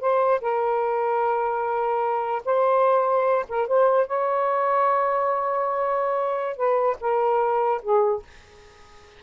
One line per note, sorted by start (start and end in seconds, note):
0.00 0.40 C5
0.41 2.42 A#4
2.45 3.45 C5
3.49 3.67 A#4
3.67 4.07 C5
4.07 6.56 C#5
6.56 6.96 B4
7.00 7.81 A#4
7.82 8.22 G#4